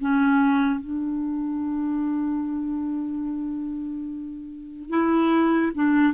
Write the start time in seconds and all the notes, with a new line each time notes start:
0.00 C#4
0.80 D4
4.89 E4
5.74 D4